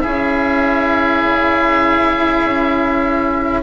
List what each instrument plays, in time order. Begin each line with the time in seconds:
0.00 bassoon C#4, cello E4, oboe G#4 E5
1.23 bassoon C#3
2.44 bassoon C#4